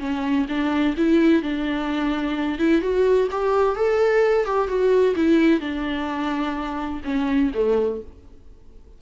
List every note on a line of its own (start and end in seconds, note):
0.00 0.47 C#4
0.49 0.96 D4
0.98 1.43 E4
1.43 2.59 D4
2.59 2.82 E4
2.82 3.29 F#4
3.32 3.76 G4
3.76 4.46 A4
4.46 4.68 G4
4.68 5.15 F#4
5.16 5.61 E4
5.61 7.02 D4
7.05 7.52 C#4
7.55 8.02 A3